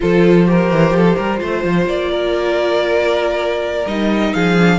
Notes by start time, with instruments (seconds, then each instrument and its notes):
0.00 cello F3, viola F4, violin A4 C5
0.46 viola G4, violin A#4
0.71 cello E3
0.90 cello F3
0.96 violin A4
1.16 cello G3, violin A#4
1.37 cello A3, viola F4, violin C5
1.63 cello F3
1.85 cello A#3, violin D5
2.10 violin A#4
3.86 cello G3, viola D#4, violin D#5
4.33 cello F3, violin G#4 F5
4.58 viola D4